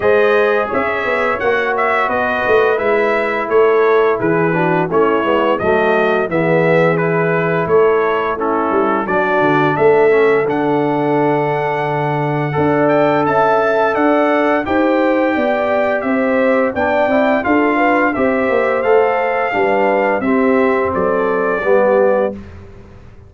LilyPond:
<<
  \new Staff \with { instrumentName = "trumpet" } { \time 4/4 \tempo 4 = 86 dis''4 e''4 fis''8 e''8 dis''4 | e''4 cis''4 b'4 cis''4 | dis''4 e''4 b'4 cis''4 | a'4 d''4 e''4 fis''4~ |
fis''2~ fis''8 g''8 a''4 | fis''4 g''2 e''4 | g''4 f''4 e''4 f''4~ | f''4 e''4 d''2 | }
  \new Staff \with { instrumentName = "horn" } { \time 4/4 c''4 cis''2 b'4~ | b'4 a'4 gis'8 fis'8 e'4 | fis'4 gis'2 a'4 | e'4 fis'4 a'2~ |
a'2 d''4 e''4 | d''4 c''4 d''4 c''4 | d''4 a'8 b'8 c''2 | b'4 g'4 a'4 g'4 | }
  \new Staff \with { instrumentName = "trombone" } { \time 4/4 gis'2 fis'2 | e'2~ e'8 d'8 cis'8 b8 | a4 b4 e'2 | cis'4 d'4. cis'8 d'4~ |
d'2 a'2~ | a'4 g'2. | d'8 e'8 f'4 g'4 a'4 | d'4 c'2 b4 | }
  \new Staff \with { instrumentName = "tuba" } { \time 4/4 gis4 cis'8 b8 ais4 b8 a8 | gis4 a4 e4 a8 gis8 | fis4 e2 a4~ | a8 g8 fis8 d8 a4 d4~ |
d2 d'4 cis'4 | d'4 dis'4 b4 c'4 | b8 c'8 d'4 c'8 ais8 a4 | g4 c'4 fis4 g4 | }
>>